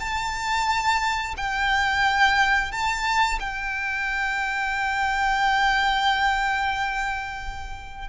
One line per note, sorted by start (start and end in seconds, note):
0.00 1.35 A5
1.37 2.72 G5
2.72 3.39 A5
3.40 8.09 G5